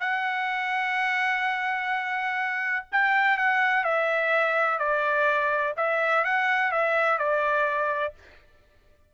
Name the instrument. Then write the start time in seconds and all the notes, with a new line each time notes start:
trumpet
0.00 F#5
2.92 G5
3.38 F#5
3.84 E5
4.79 D5
5.77 E5
6.24 F#5
6.72 E5
7.18 D5